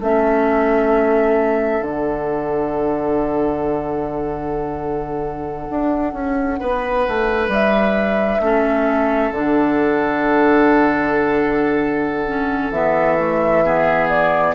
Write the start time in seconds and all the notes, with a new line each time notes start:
0.00 A3 C#4 A4 E5
1.81 D3 D4 F#5
5.71 D4
6.13 C#4
6.60 B3 B4
7.08 A3
7.48 G3 E5
8.40 A3 C#4 A4
9.32 D3 D4 F#5
12.27 C#4
12.71 E3 B3 E5
13.18 A3
13.65 B3 G#4
14.09 D5